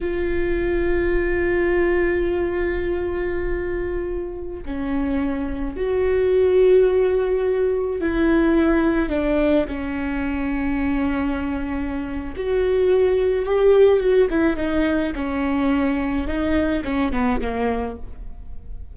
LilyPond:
\new Staff \with { instrumentName = "viola" } { \time 4/4 \tempo 4 = 107 f'1~ | f'1~ | f'16 cis'2 fis'4.~ fis'16~ | fis'2~ fis'16 e'4.~ e'16~ |
e'16 d'4 cis'2~ cis'8.~ | cis'2 fis'2 | g'4 fis'8 e'8 dis'4 cis'4~ | cis'4 dis'4 cis'8 b8 ais4 | }